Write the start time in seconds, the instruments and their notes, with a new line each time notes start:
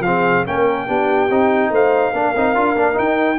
0.00 tuba F3, trombone C4, trumpet F5
0.06 horn G#4
0.46 tuba A#3, trombone C#4, horn A#4, trumpet G5
0.87 tuba B3, trombone D4, horn G4
1.30 tuba C4, trombone D#4
1.70 tuba A3, horn C5, trumpet F5
2.12 tuba A#3, trombone D4, horn A#4
2.36 tuba C4, trombone D#4
2.55 tuba D4, trombone F4
2.76 tuba A#3, trombone D4
2.94 trombone D#4, tuba D#4, trumpet G5